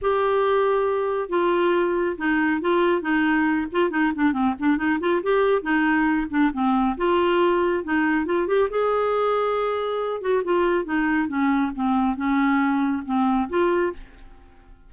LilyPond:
\new Staff \with { instrumentName = "clarinet" } { \time 4/4 \tempo 4 = 138 g'2. f'4~ | f'4 dis'4 f'4 dis'4~ | dis'8 f'8 dis'8 d'8 c'8 d'8 dis'8 f'8 | g'4 dis'4. d'8 c'4 |
f'2 dis'4 f'8 g'8 | gis'2.~ gis'8 fis'8 | f'4 dis'4 cis'4 c'4 | cis'2 c'4 f'4 | }